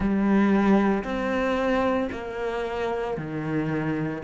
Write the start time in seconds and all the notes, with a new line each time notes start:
0.00 G3
1.04 C4
2.11 A#3
3.17 D#3